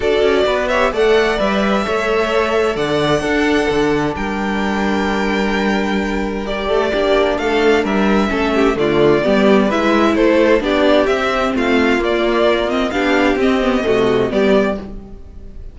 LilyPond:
<<
  \new Staff \with { instrumentName = "violin" } { \time 4/4 \tempo 4 = 130 d''4. e''8 fis''4 e''4~ | e''2 fis''2~ | fis''4 g''2.~ | g''2 d''2 |
f''4 e''2 d''4~ | d''4 e''4 c''4 d''4 | e''4 f''4 d''4. dis''8 | f''4 dis''2 d''4 | }
  \new Staff \with { instrumentName = "violin" } { \time 4/4 a'4 b'8 cis''8 d''2 | cis''2 d''4 a'4~ | a'4 ais'2.~ | ais'2~ ais'8 a'8 g'4 |
a'4 ais'4 a'8 g'8 f'4 | g'4 b'4 a'4 g'4~ | g'4 f'2. | g'2 fis'4 g'4 | }
  \new Staff \with { instrumentName = "viola" } { \time 4/4 fis'4. g'8 a'4 b'4 | a'2. d'4~ | d'1~ | d'2 g'4 d'4~ |
d'2 cis'4 a4 | b4 e'2 d'4 | c'2 ais4. c'8 | d'4 c'8 b8 a4 b4 | }
  \new Staff \with { instrumentName = "cello" } { \time 4/4 d'8 cis'8 b4 a4 g4 | a2 d4 d'4 | d4 g2.~ | g2~ g8 a8 ais4 |
a4 g4 a4 d4 | g4 gis4 a4 b4 | c'4 a4 ais2 | b4 c'4 c4 g4 | }
>>